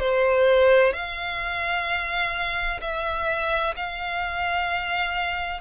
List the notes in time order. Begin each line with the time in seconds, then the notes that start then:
0.00 C5
0.93 F5
2.81 E5
3.77 F5